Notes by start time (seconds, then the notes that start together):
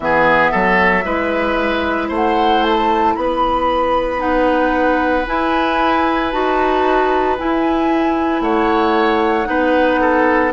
0.00 E3 B3 G#4 E5
0.51 F#3 A4
1.04 G#3 E4 B4
2.08 A3 C5
2.14 F#5
2.63 A5
3.15 B3 B4 B5
4.18 D#4 F#5
5.26 E4 G#5
6.31 D#4 F#4 A5
7.37 E4 G#5
8.41 A3 C#5 F#5
9.45 B3 D#4 B4
10.00 A4